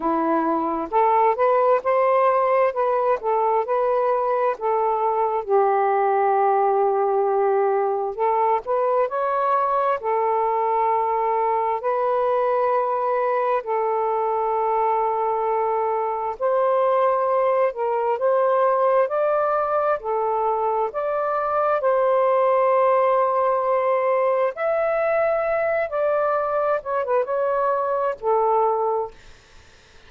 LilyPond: \new Staff \with { instrumentName = "saxophone" } { \time 4/4 \tempo 4 = 66 e'4 a'8 b'8 c''4 b'8 a'8 | b'4 a'4 g'2~ | g'4 a'8 b'8 cis''4 a'4~ | a'4 b'2 a'4~ |
a'2 c''4. ais'8 | c''4 d''4 a'4 d''4 | c''2. e''4~ | e''8 d''4 cis''16 b'16 cis''4 a'4 | }